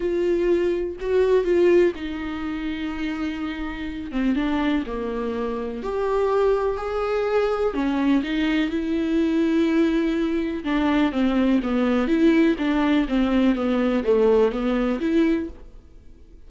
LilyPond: \new Staff \with { instrumentName = "viola" } { \time 4/4 \tempo 4 = 124 f'2 fis'4 f'4 | dis'1~ | dis'8 c'8 d'4 ais2 | g'2 gis'2 |
cis'4 dis'4 e'2~ | e'2 d'4 c'4 | b4 e'4 d'4 c'4 | b4 a4 b4 e'4 | }